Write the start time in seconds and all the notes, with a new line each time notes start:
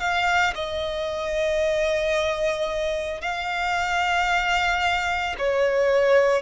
0.00 F5
0.55 D#5
3.21 F5
5.38 C#5